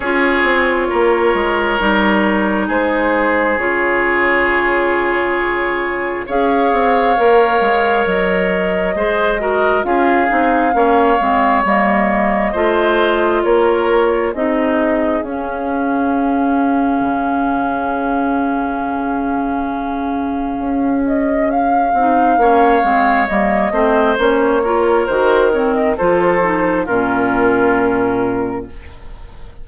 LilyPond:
<<
  \new Staff \with { instrumentName = "flute" } { \time 4/4 \tempo 4 = 67 cis''2. c''4 | cis''2. f''4~ | f''4 dis''2 f''4~ | f''4 dis''2 cis''4 |
dis''4 f''2.~ | f''2.~ f''8 dis''8 | f''2 dis''4 cis''4 | c''8 cis''16 dis''16 c''4 ais'2 | }
  \new Staff \with { instrumentName = "oboe" } { \time 4/4 gis'4 ais'2 gis'4~ | gis'2. cis''4~ | cis''2 c''8 ais'8 gis'4 | cis''2 c''4 ais'4 |
gis'1~ | gis'1~ | gis'4 cis''4. c''4 ais'8~ | ais'4 a'4 f'2 | }
  \new Staff \with { instrumentName = "clarinet" } { \time 4/4 f'2 dis'2 | f'2. gis'4 | ais'2 gis'8 fis'8 f'8 dis'8 | cis'8 c'8 ais4 f'2 |
dis'4 cis'2.~ | cis'1~ | cis'8 dis'8 cis'8 c'8 ais8 c'8 cis'8 f'8 | fis'8 c'8 f'8 dis'8 cis'2 | }
  \new Staff \with { instrumentName = "bassoon" } { \time 4/4 cis'8 c'8 ais8 gis8 g4 gis4 | cis2. cis'8 c'8 | ais8 gis8 fis4 gis4 cis'8 c'8 | ais8 gis8 g4 a4 ais4 |
c'4 cis'2 cis4~ | cis2. cis'4~ | cis'8 c'8 ais8 gis8 g8 a8 ais4 | dis4 f4 ais,2 | }
>>